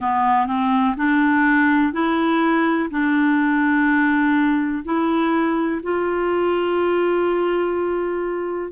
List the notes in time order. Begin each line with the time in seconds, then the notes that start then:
0.00 B3
0.46 C4
0.97 D4
1.92 E4
2.90 D4
4.84 E4
5.82 F4